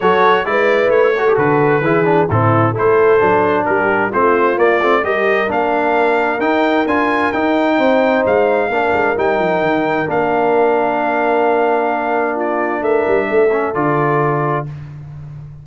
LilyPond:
<<
  \new Staff \with { instrumentName = "trumpet" } { \time 4/4 \tempo 4 = 131 cis''4 d''4 cis''4 b'4~ | b'4 a'4 c''2 | ais'4 c''4 d''4 dis''4 | f''2 g''4 gis''4 |
g''2 f''2 | g''2 f''2~ | f''2. d''4 | e''2 d''2 | }
  \new Staff \with { instrumentName = "horn" } { \time 4/4 a'4 b'4. a'4. | gis'4 e'4 a'2 | g'4 f'2 ais'4~ | ais'1~ |
ais'4 c''2 ais'4~ | ais'1~ | ais'2. f'4 | ais'4 a'2. | }
  \new Staff \with { instrumentName = "trombone" } { \time 4/4 fis'4 e'4. fis'16 g'16 fis'4 | e'8 d'8 c'4 e'4 d'4~ | d'4 c'4 ais8 c'8 g'4 | d'2 dis'4 f'4 |
dis'2. d'4 | dis'2 d'2~ | d'1~ | d'4. cis'8 f'2 | }
  \new Staff \with { instrumentName = "tuba" } { \time 4/4 fis4 gis4 a4 d4 | e4 a,4 a4 fis4 | g4 a4 ais8 a8 g4 | ais2 dis'4 d'4 |
dis'4 c'4 gis4 ais8 gis8 | g8 f8 dis4 ais2~ | ais1 | a8 g8 a4 d2 | }
>>